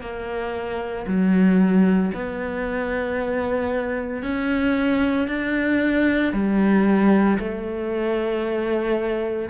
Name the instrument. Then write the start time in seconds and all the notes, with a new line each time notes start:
cello
0.00 A#3
1.07 F#3
2.13 B3
4.22 C#4
5.27 D4
6.33 G3
7.38 A3